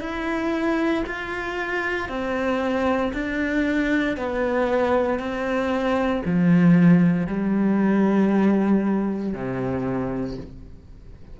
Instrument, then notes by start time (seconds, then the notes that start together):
cello
0.00 E4
1.06 F4
2.09 C4
3.13 D4
4.16 B3
5.19 C4
6.25 F3
7.26 G3
9.33 C3